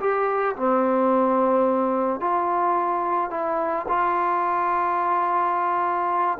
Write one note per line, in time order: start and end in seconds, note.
0.00 0.56 G4
0.56 2.20 C4
2.20 3.30 F4
3.30 3.86 E4
3.88 6.38 F4